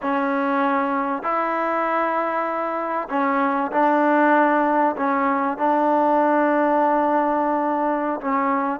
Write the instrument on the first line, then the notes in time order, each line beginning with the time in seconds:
trombone
0.02 C#4
1.22 E4
3.09 C#4
3.71 D4
4.96 C#4
5.57 D4
8.20 C#4